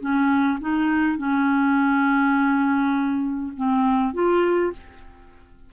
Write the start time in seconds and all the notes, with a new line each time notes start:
0.00 C#4
0.61 D#4
1.18 C#4
3.57 C4
4.14 F4